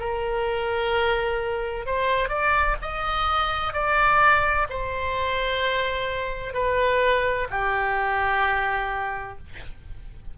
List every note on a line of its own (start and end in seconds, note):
0.00 1.86 A#4
1.86 2.29 C5
2.29 2.76 D5
2.82 3.74 D#5
3.74 4.67 D5
4.70 6.54 C5
6.54 7.48 B4
7.51 9.38 G4